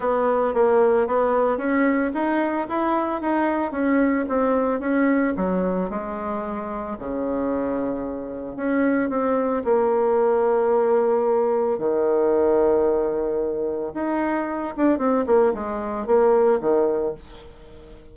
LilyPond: \new Staff \with { instrumentName = "bassoon" } { \time 4/4 \tempo 4 = 112 b4 ais4 b4 cis'4 | dis'4 e'4 dis'4 cis'4 | c'4 cis'4 fis4 gis4~ | gis4 cis2. |
cis'4 c'4 ais2~ | ais2 dis2~ | dis2 dis'4. d'8 | c'8 ais8 gis4 ais4 dis4 | }